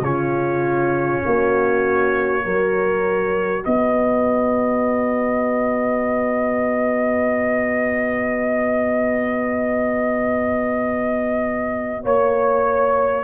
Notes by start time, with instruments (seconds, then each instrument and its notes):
0.00 tuba C#3, trombone C#4, horn F4, trumpet C#5
1.25 tuba A#3, horn F#4
2.40 tuba F#3, trombone F#4, horn A#4
3.64 tuba B3, horn B4, trumpet D#5
12.03 tuba A#3, horn C#5, trumpet C#5